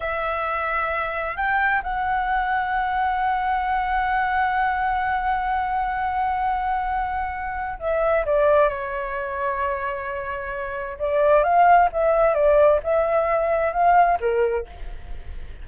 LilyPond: \new Staff \with { instrumentName = "flute" } { \time 4/4 \tempo 4 = 131 e''2. g''4 | fis''1~ | fis''1~ | fis''1~ |
fis''4 e''4 d''4 cis''4~ | cis''1 | d''4 f''4 e''4 d''4 | e''2 f''4 ais'4 | }